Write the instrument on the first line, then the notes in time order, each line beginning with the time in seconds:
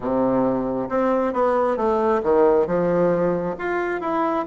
bassoon
0.00 C3
0.89 C4
1.33 B3
1.76 A3
2.23 D#3
2.66 F3
3.58 F4
4.01 E4